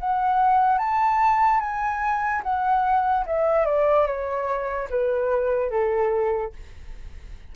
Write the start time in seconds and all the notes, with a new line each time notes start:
0.00 F#5
0.78 A5
1.60 G#5
2.43 F#5
3.26 E5
3.65 D5
4.06 C#5
4.90 B4
5.70 A4